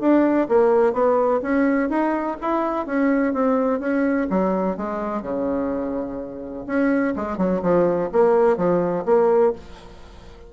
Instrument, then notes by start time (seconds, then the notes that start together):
bassoon
0.00 D4
0.48 A#3
0.93 B3
1.42 C#4
1.89 D#4
2.41 E4
2.86 C#4
3.33 C4
3.80 C#4
4.30 F#3
4.77 G#3
5.22 C#3
6.66 C#4
7.16 G#3
7.37 F#3
7.62 F3
8.12 A#3
8.57 F3
9.05 A#3